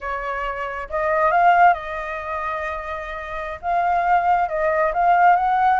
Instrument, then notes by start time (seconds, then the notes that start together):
flute
0.00 C#5
0.89 D#5
1.31 F5
1.73 D#5
3.61 F5
4.48 D#5
4.93 F5
5.35 F#5